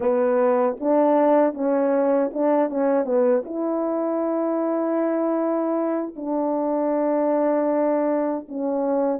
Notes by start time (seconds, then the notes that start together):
0.00 B3
0.79 D4
1.54 C#4
2.33 D4
2.69 C#4
3.05 B3
3.45 E4
6.15 D4
8.48 C#4